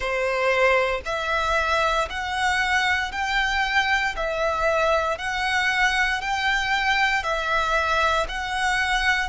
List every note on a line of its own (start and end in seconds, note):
0.00 1.01 C5
1.05 2.08 E5
2.09 3.11 F#5
3.11 4.15 G5
4.16 5.18 E5
5.18 6.21 F#5
6.21 7.23 G5
7.23 8.26 E5
8.28 9.29 F#5